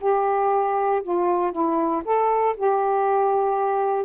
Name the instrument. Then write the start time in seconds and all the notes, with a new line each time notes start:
saxophone
0.00 G4
1.02 F4
1.52 E4
2.04 A4
2.56 G4